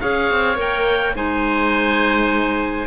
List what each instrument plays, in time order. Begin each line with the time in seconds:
0.00 cello C#4, clarinet G#4, oboe C#5 F5
0.31 cello C4
0.55 cello A#3, clarinet A#4, oboe G5
1.15 cello G#3, clarinet D#4, oboe C5 G#5